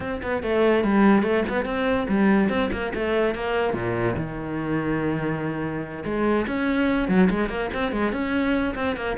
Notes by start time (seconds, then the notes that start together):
0.00 C4
0.22 B3
0.42 A3
0.83 G3
1.23 A3
1.48 B3
1.65 C4
2.08 G3
2.49 C4
2.71 A#3
2.94 A3
3.34 A#3
3.73 A#2
4.16 D#3
6.04 G#3
6.47 C#4
7.08 F#3
7.30 G#3
7.49 A#3
7.73 C4
7.92 G#3
8.12 C#4
8.75 C4
8.96 A#3